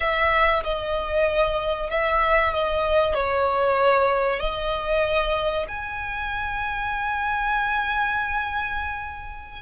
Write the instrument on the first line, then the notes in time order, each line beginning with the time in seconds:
violin
0.00 E5
0.63 D#5
1.89 E5
2.53 D#5
3.14 C#5
4.39 D#5
5.68 G#5